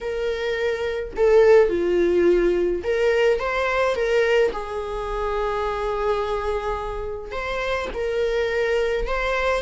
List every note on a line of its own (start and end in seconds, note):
0.00 1.13 A#4
1.16 1.69 A4
1.69 2.82 F4
2.83 3.39 A#4
3.39 3.95 C5
3.95 4.51 A#4
4.52 7.31 G#4
7.31 7.88 C5
7.94 9.07 A#4
9.07 9.62 C5